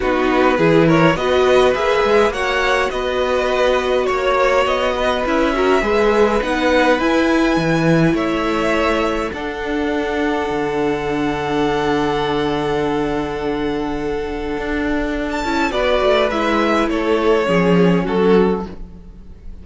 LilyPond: <<
  \new Staff \with { instrumentName = "violin" } { \time 4/4 \tempo 4 = 103 b'4. cis''8 dis''4 e''4 | fis''4 dis''2 cis''4 | dis''4 e''2 fis''4 | gis''2 e''2 |
fis''1~ | fis''1~ | fis''2~ fis''16 a''8. d''4 | e''4 cis''2 a'4 | }
  \new Staff \with { instrumentName = "violin" } { \time 4/4 fis'4 gis'8 ais'8 b'2 | cis''4 b'2 cis''4~ | cis''8 b'4 ais'8 b'2~ | b'2 cis''2 |
a'1~ | a'1~ | a'2. b'4~ | b'4 a'4 gis'4 fis'4 | }
  \new Staff \with { instrumentName = "viola" } { \time 4/4 dis'4 e'4 fis'4 gis'4 | fis'1~ | fis'4 e'8 fis'8 gis'4 dis'4 | e'1 |
d'1~ | d'1~ | d'2~ d'8 e'8 fis'4 | e'2 cis'2 | }
  \new Staff \with { instrumentName = "cello" } { \time 4/4 b4 e4 b4 ais8 gis8 | ais4 b2 ais4 | b4 cis'4 gis4 b4 | e'4 e4 a2 |
d'2 d2~ | d1~ | d4 d'4. cis'8 b8 a8 | gis4 a4 f4 fis4 | }
>>